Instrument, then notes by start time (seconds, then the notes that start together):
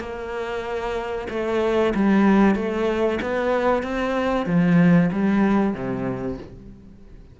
cello
0.00 A#3
1.30 A3
1.95 G3
2.55 A3
3.21 B3
3.83 C4
4.46 F3
5.12 G3
5.74 C3